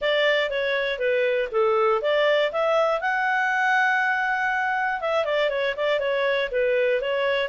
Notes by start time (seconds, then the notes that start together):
0.01 D5
0.50 C#5
0.98 B4
1.51 A4
2.01 D5
2.52 E5
3.00 F#5
5.00 E5
5.25 D5
5.49 C#5
5.76 D5
5.99 C#5
6.51 B4
7.01 C#5